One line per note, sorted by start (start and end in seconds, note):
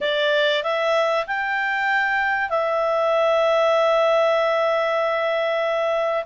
0.00 0.63 D5
0.63 1.25 E5
1.26 2.49 G5
2.49 6.24 E5